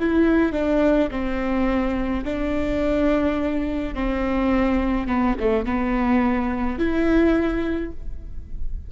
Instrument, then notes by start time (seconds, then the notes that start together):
viola
0.00 E4
0.53 D4
1.11 C4
2.25 D4
3.95 C4
5.08 B3
5.40 A3
5.66 B3
6.79 E4